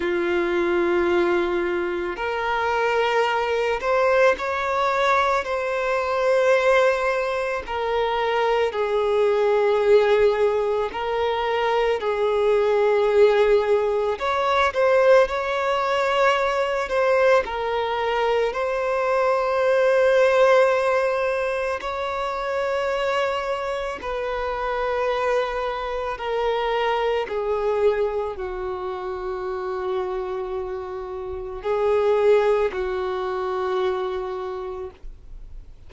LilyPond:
\new Staff \with { instrumentName = "violin" } { \time 4/4 \tempo 4 = 55 f'2 ais'4. c''8 | cis''4 c''2 ais'4 | gis'2 ais'4 gis'4~ | gis'4 cis''8 c''8 cis''4. c''8 |
ais'4 c''2. | cis''2 b'2 | ais'4 gis'4 fis'2~ | fis'4 gis'4 fis'2 | }